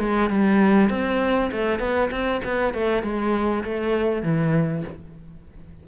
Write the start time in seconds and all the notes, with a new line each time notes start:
0.00 G#3
0.30 G3
0.90 C4
1.52 A3
1.80 B3
2.12 C4
2.45 B3
2.74 A3
3.03 G#3
3.64 A3
4.23 E3